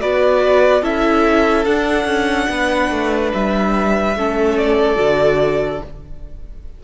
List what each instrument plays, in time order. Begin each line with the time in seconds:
0.00 cello B3, viola F#4, violin B4 D5
0.82 cello C#4, viola E4, violin A4 E5
1.66 cello D4, viola D4, violin F#5
2.05 cello C#4
2.50 cello B3, violin B4
2.91 cello A3
3.34 cello G3, violin E5
4.16 cello A3, viola C#4, violin A4
4.58 violin D5
4.96 cello D3, viola F#4